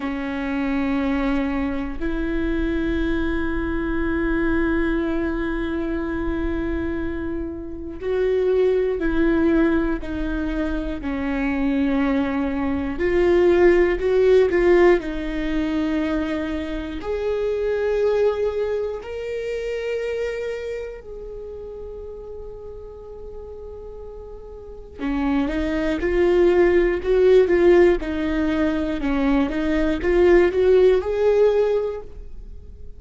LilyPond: \new Staff \with { instrumentName = "viola" } { \time 4/4 \tempo 4 = 60 cis'2 e'2~ | e'1 | fis'4 e'4 dis'4 cis'4~ | cis'4 f'4 fis'8 f'8 dis'4~ |
dis'4 gis'2 ais'4~ | ais'4 gis'2.~ | gis'4 cis'8 dis'8 f'4 fis'8 f'8 | dis'4 cis'8 dis'8 f'8 fis'8 gis'4 | }